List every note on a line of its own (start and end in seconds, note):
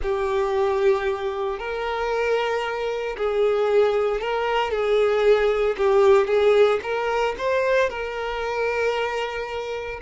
0.02 1.58 G4
1.58 3.16 A#4
3.17 4.21 G#4
4.21 4.70 A#4
4.70 5.76 G#4
5.77 6.27 G4
6.27 6.79 G#4
6.82 7.35 A#4
7.38 7.89 C5
7.89 10.00 A#4